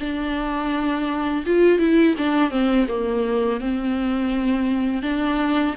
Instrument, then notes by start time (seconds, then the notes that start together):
viola
0.00 D4
1.46 F4
1.79 E4
2.18 D4
2.50 C4
2.88 A#3
3.60 C4
5.02 D4